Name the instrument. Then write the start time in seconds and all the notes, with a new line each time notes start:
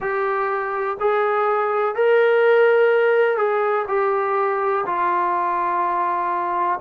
trombone
0.00 G4
1.00 G#4
1.95 A#4
3.37 G#4
3.88 G4
4.86 F4